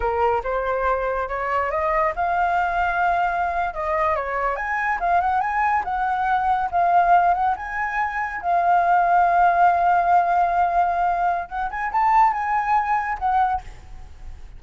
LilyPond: \new Staff \with { instrumentName = "flute" } { \time 4/4 \tempo 4 = 141 ais'4 c''2 cis''4 | dis''4 f''2.~ | f''8. dis''4 cis''4 gis''4 f''16~ | f''16 fis''8 gis''4 fis''2 f''16~ |
f''4~ f''16 fis''8 gis''2 f''16~ | f''1~ | f''2. fis''8 gis''8 | a''4 gis''2 fis''4 | }